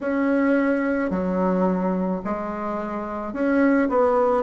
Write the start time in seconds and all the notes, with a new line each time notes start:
0.00 C#4
1.10 F#3
2.24 G#3
3.33 C#4
3.89 B3